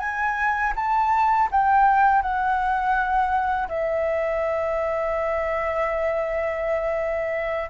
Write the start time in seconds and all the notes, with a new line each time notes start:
0.00 G#5
0.76 A5
1.51 G5
2.22 F#5
3.69 E5